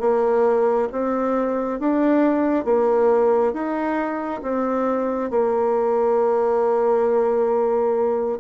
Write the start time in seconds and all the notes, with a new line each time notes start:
0.00 A#3
0.92 C4
1.80 D4
2.65 A#3
3.53 D#4
4.43 C4
5.31 A#3